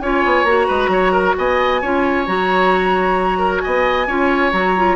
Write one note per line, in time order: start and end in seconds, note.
0.00 0.23 C#4
0.00 0.47 F4
0.00 0.67 C#5
0.00 0.44 G#5
0.25 0.44 B3
0.44 0.66 A#3
0.44 1.82 F#4
0.44 1.34 A#5
0.67 0.88 G#3
0.67 0.90 B4
0.88 1.33 F#3
0.88 1.12 C#5
1.12 1.35 A#4
1.37 1.82 B3
1.37 1.81 D#5
1.37 2.27 G#5
1.81 2.27 C#4
1.81 2.26 F4
1.81 3.38 C#5
2.26 3.62 F#3
2.26 4.06 F#4
2.26 3.60 A#5
3.38 3.61 A#4
3.60 4.07 B3
3.60 4.07 D#5
3.60 4.50 G#5
4.07 4.52 C#4
4.07 4.52 F4
4.07 4.96 C#5
4.52 4.96 F#3
4.52 4.75 F#4
4.52 4.96 A#5
4.76 4.96 F4